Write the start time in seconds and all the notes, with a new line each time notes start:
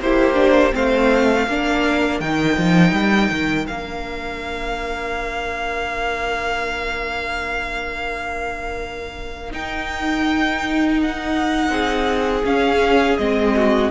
0.00 A#3 E4 G4 C5
0.34 D4
0.72 A3 C4 C5 F5
1.46 A#3 D4 A#4
2.20 D#3 D#4 G5
2.57 F3
2.92 G3
3.30 D#3
3.66 A#3 D4 F5
9.51 D#4 G5
11.02 F#5
11.69 C4 G#4
12.44 C#4 F5
13.17 G#3 C4 D#5
13.55 F#4